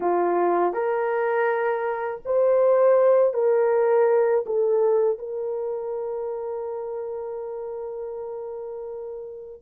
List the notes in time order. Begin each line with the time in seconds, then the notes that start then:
0.00 F4
0.73 A#4
2.25 C5
3.33 A#4
4.45 A4
5.18 A#4